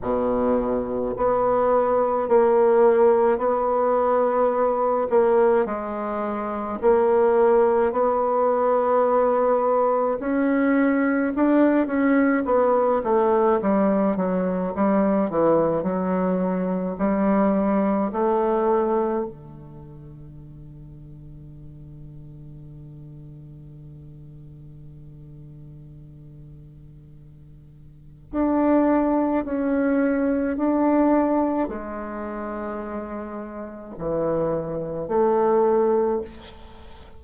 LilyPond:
\new Staff \with { instrumentName = "bassoon" } { \time 4/4 \tempo 4 = 53 b,4 b4 ais4 b4~ | b8 ais8 gis4 ais4 b4~ | b4 cis'4 d'8 cis'8 b8 a8 | g8 fis8 g8 e8 fis4 g4 |
a4 d2.~ | d1~ | d4 d'4 cis'4 d'4 | gis2 e4 a4 | }